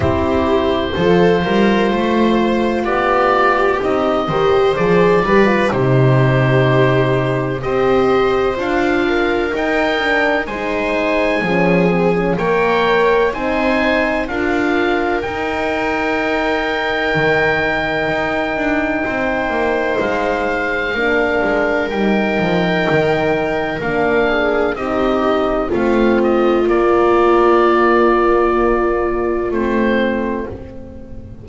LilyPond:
<<
  \new Staff \with { instrumentName = "oboe" } { \time 4/4 \tempo 4 = 63 c''2. d''4 | dis''4 d''4 c''2 | dis''4 f''4 g''4 gis''4~ | gis''4 g''4 gis''4 f''4 |
g''1~ | g''4 f''2 g''4~ | g''4 f''4 dis''4 f''8 dis''8 | d''2. c''4 | }
  \new Staff \with { instrumentName = "viola" } { \time 4/4 g'4 a'8 ais'8 c''4 g'4~ | g'8 c''4 b'8 g'2 | c''4. ais'4. c''4 | gis'4 cis''4 c''4 ais'4~ |
ais'1 | c''2 ais'2~ | ais'4. gis'8 g'4 f'4~ | f'1 | }
  \new Staff \with { instrumentName = "horn" } { \time 4/4 e'4 f'2. | dis'8 g'8 gis'8 g'16 f'16 dis'2 | g'4 f'4 dis'8 d'8 dis'4 | cis'8 c'16 cis'16 ais'4 dis'4 f'4 |
dis'1~ | dis'2 d'4 dis'4~ | dis'4 d'4 dis'4 c'4 | ais2. c'4 | }
  \new Staff \with { instrumentName = "double bass" } { \time 4/4 c'4 f8 g8 a4 b4 | c'8 dis8 f8 g8 c2 | c'4 d'4 dis'4 gis4 | f4 ais4 c'4 d'4 |
dis'2 dis4 dis'8 d'8 | c'8 ais8 gis4 ais8 gis8 g8 f8 | dis4 ais4 c'4 a4 | ais2. a4 | }
>>